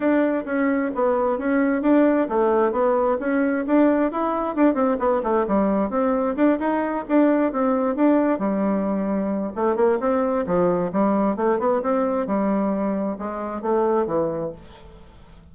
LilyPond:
\new Staff \with { instrumentName = "bassoon" } { \time 4/4 \tempo 4 = 132 d'4 cis'4 b4 cis'4 | d'4 a4 b4 cis'4 | d'4 e'4 d'8 c'8 b8 a8 | g4 c'4 d'8 dis'4 d'8~ |
d'8 c'4 d'4 g4.~ | g4 a8 ais8 c'4 f4 | g4 a8 b8 c'4 g4~ | g4 gis4 a4 e4 | }